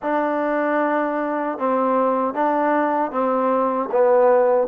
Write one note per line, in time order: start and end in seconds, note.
0.02 1.58 D4
1.58 2.34 C4
2.34 3.11 D4
3.11 3.89 C4
3.91 4.67 B3